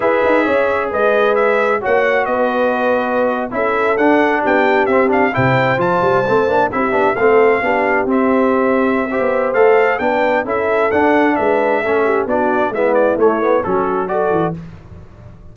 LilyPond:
<<
  \new Staff \with { instrumentName = "trumpet" } { \time 4/4 \tempo 4 = 132 e''2 dis''4 e''4 | fis''4 dis''2~ dis''8. e''16~ | e''8. fis''4 g''4 e''8 f''8 g''16~ | g''8. a''2 e''4 f''16~ |
f''4.~ f''16 e''2~ e''16~ | e''4 f''4 g''4 e''4 | fis''4 e''2 d''4 | e''8 d''8 cis''4 a'4 d''4 | }
  \new Staff \with { instrumentName = "horn" } { \time 4/4 b'4 cis''4 b'2 | cis''4 b'2~ b'8. a'16~ | a'4.~ a'16 g'2 c''16~ | c''2~ c''8. g'4 a'16~ |
a'8. g'2.~ g'16 | c''2 b'4 a'4~ | a'4 b'4 a'8 g'8 fis'4 | e'2 fis'4 a'4 | }
  \new Staff \with { instrumentName = "trombone" } { \time 4/4 gis'1 | fis'2.~ fis'8. e'16~ | e'8. d'2 c'8 d'8 e'16~ | e'8. f'4 c'8 d'8 e'8 d'8 c'16~ |
c'8. d'4 c'2~ c'16 | g'4 a'4 d'4 e'4 | d'2 cis'4 d'4 | b4 a8 b8 cis'4 fis'4 | }
  \new Staff \with { instrumentName = "tuba" } { \time 4/4 e'8 dis'8 cis'4 gis2 | ais4 b2~ b8. cis'16~ | cis'8. d'4 b4 c'4 c16~ | c8. f8 g8 a8 ais8 c'8 b8 a16~ |
a8. b4 c'2~ c'16~ | c'16 b8. a4 b4 cis'4 | d'4 gis4 a4 b4 | gis4 a4 fis4. e8 | }
>>